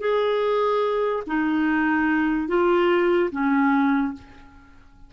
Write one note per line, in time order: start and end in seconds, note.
0.00 1.23 G#4
1.27 2.48 D#4
2.48 3.30 F4
3.31 4.13 C#4